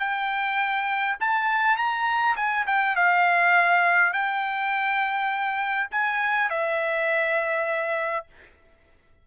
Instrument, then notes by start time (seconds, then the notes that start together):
trumpet
0.00 G5
1.21 A5
1.77 A#5
2.37 G#5
2.67 G5
2.97 F5
4.13 G5
5.91 G#5
6.50 E5